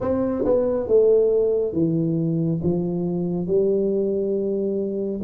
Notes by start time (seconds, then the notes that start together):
0.00 C4
0.45 B3
0.87 A3
1.72 E3
2.63 F3
3.46 G3